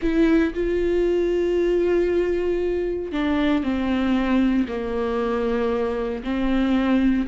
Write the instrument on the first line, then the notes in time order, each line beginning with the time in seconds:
viola
0.01 E4
0.54 F4
3.12 D4
3.63 C4
4.68 A#3
6.23 C4